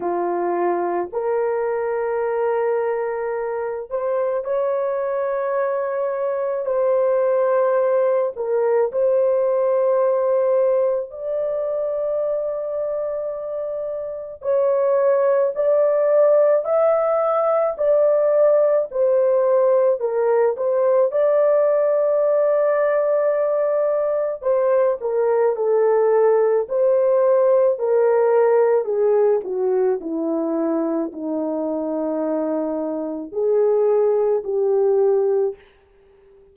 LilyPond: \new Staff \with { instrumentName = "horn" } { \time 4/4 \tempo 4 = 54 f'4 ais'2~ ais'8 c''8 | cis''2 c''4. ais'8 | c''2 d''2~ | d''4 cis''4 d''4 e''4 |
d''4 c''4 ais'8 c''8 d''4~ | d''2 c''8 ais'8 a'4 | c''4 ais'4 gis'8 fis'8 e'4 | dis'2 gis'4 g'4 | }